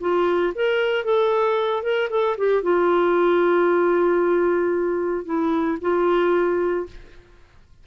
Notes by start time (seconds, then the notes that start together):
0.00 F4
0.54 A#4
1.04 A4
1.82 A#4
2.10 A4
2.37 G4
2.62 F4
5.25 E4
5.81 F4